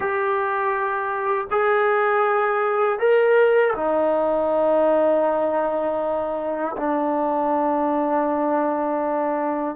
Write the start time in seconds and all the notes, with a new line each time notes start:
0.00 G4
1.50 G#4
2.99 A#4
3.75 D#4
6.77 D4